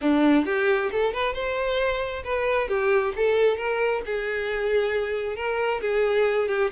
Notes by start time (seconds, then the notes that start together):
0.01 D4
0.45 G4
0.91 A4
1.13 B4
1.33 C5
2.24 B4
2.68 G4
3.15 A4
3.57 A#4
4.05 G#4
5.35 A#4
5.81 G#4
6.48 G4